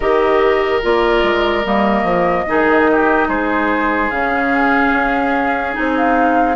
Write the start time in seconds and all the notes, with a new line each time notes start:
0.00 D#3 G4 A#4 D#5
0.82 A#3 F4 D5
1.23 G#3
1.65 G3 A#3 D#5
2.03 F3
2.47 D#3 D#4 G#4
2.91 G4
3.28 G#3 G#4 C5
4.10 C#3 C#4 F5
4.92 C#4
5.73 C4 D#4 G#5
5.96 F5